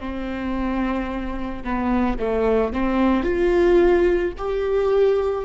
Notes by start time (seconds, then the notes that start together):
0.00 C4
1.64 B3
2.19 A3
2.73 C4
3.24 F4
4.38 G4